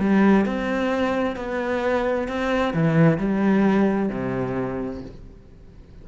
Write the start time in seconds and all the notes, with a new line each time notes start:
0.00 G3
0.46 C4
1.36 B3
2.28 C4
2.74 E3
3.18 G3
4.10 C3